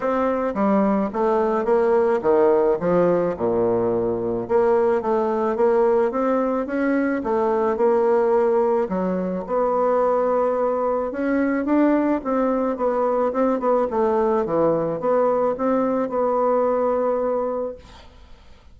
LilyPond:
\new Staff \with { instrumentName = "bassoon" } { \time 4/4 \tempo 4 = 108 c'4 g4 a4 ais4 | dis4 f4 ais,2 | ais4 a4 ais4 c'4 | cis'4 a4 ais2 |
fis4 b2. | cis'4 d'4 c'4 b4 | c'8 b8 a4 e4 b4 | c'4 b2. | }